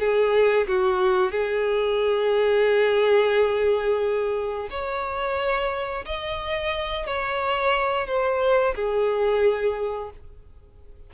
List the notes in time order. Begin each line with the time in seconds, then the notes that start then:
0.00 G#4
0.68 F#4
1.32 G#4
4.71 C#5
6.06 D#5
7.07 C#5
8.07 C5
8.76 G#4